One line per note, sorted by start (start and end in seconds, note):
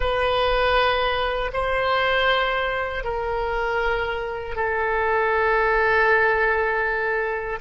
0.00 1.51 B4
1.53 3.03 C5
3.03 4.55 A#4
4.55 7.59 A4